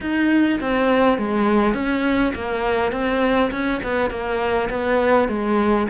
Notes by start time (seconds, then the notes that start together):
0.00 D#4
0.60 C4
1.18 G#3
1.74 C#4
2.34 A#3
2.91 C4
3.51 C#4
3.83 B3
4.10 A#3
4.70 B3
5.28 G#3